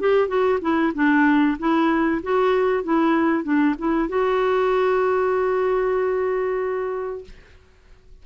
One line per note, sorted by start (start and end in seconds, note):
0.00 0.28 G4
0.28 0.59 F#4
0.61 0.92 E4
0.94 1.57 D4
1.58 2.22 E4
2.22 2.83 F#4
2.83 3.43 E4
3.43 3.75 D4
3.78 4.09 E4
4.09 7.24 F#4